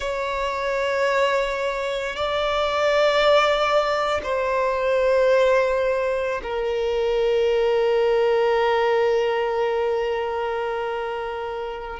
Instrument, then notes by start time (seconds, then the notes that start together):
violin
0.00 C#5
2.16 D5
4.23 C5
6.42 A#4